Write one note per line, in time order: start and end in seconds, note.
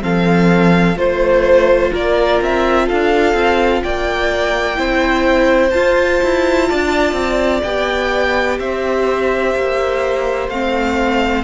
0.00 0.96 F3
0.00 0.95 C4
0.00 0.98 A4
0.00 0.97 F5
0.96 1.91 A3
0.96 4.75 F4
0.96 1.93 C5
0.96 1.92 C5
1.92 2.41 A#3
1.92 2.86 A#4
1.92 2.42 D5
2.41 2.88 C4
2.41 2.88 E5
2.86 3.33 D4
2.86 3.82 A4
2.86 3.83 F5
3.33 3.81 C4
3.83 4.78 A#3
3.83 4.78 D5
3.83 5.70 G5
4.75 5.73 C4
4.75 5.70 E4
4.75 6.69 C5
5.70 7.64 F4
5.70 6.22 F4
5.70 7.61 A5
6.23 6.71 E4
6.69 7.13 D4
6.69 8.60 D5
7.13 7.60 C4
7.63 8.59 B3
7.63 10.51 G4
7.63 8.58 G5
8.59 9.54 C4
8.59 11.44 C5
8.59 10.49 E5
9.55 10.49 A#3
10.49 11.44 A3
10.49 11.44 C4
10.49 11.44 F5